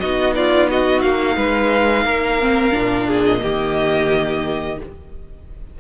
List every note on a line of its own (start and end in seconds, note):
0.00 1.04 B3
0.00 2.41 D#4
0.00 0.36 F#4
0.00 0.34 D#5
0.36 0.71 F4
0.36 0.70 D5
0.71 1.37 F#4
0.71 1.02 D#5
1.02 1.37 A#3
1.02 3.23 F5
1.37 2.05 G#3
1.37 2.05 B4
2.05 2.73 A#3
2.05 3.07 A#4
2.41 2.72 C4
2.72 3.44 A#2
2.72 3.40 D4
3.07 3.41 G#4
3.25 4.79 D#5
3.40 4.80 D#3
3.40 4.77 A#3
3.40 4.79 G4